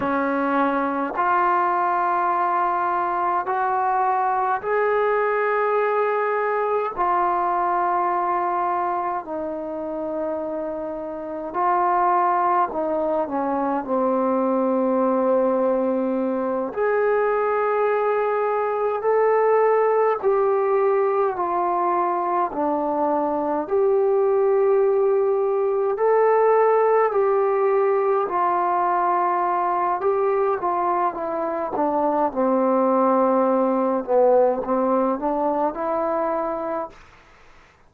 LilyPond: \new Staff \with { instrumentName = "trombone" } { \time 4/4 \tempo 4 = 52 cis'4 f'2 fis'4 | gis'2 f'2 | dis'2 f'4 dis'8 cis'8 | c'2~ c'8 gis'4.~ |
gis'8 a'4 g'4 f'4 d'8~ | d'8 g'2 a'4 g'8~ | g'8 f'4. g'8 f'8 e'8 d'8 | c'4. b8 c'8 d'8 e'4 | }